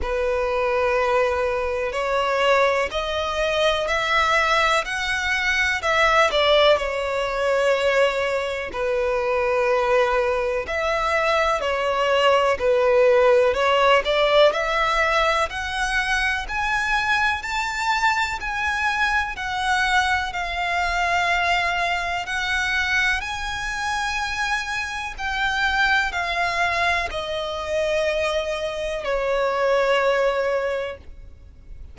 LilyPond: \new Staff \with { instrumentName = "violin" } { \time 4/4 \tempo 4 = 62 b'2 cis''4 dis''4 | e''4 fis''4 e''8 d''8 cis''4~ | cis''4 b'2 e''4 | cis''4 b'4 cis''8 d''8 e''4 |
fis''4 gis''4 a''4 gis''4 | fis''4 f''2 fis''4 | gis''2 g''4 f''4 | dis''2 cis''2 | }